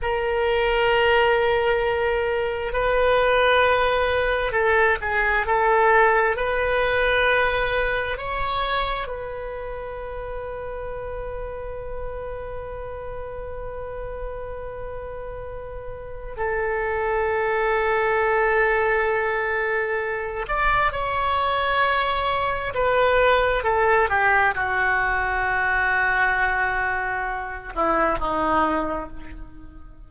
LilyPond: \new Staff \with { instrumentName = "oboe" } { \time 4/4 \tempo 4 = 66 ais'2. b'4~ | b'4 a'8 gis'8 a'4 b'4~ | b'4 cis''4 b'2~ | b'1~ |
b'2 a'2~ | a'2~ a'8 d''8 cis''4~ | cis''4 b'4 a'8 g'8 fis'4~ | fis'2~ fis'8 e'8 dis'4 | }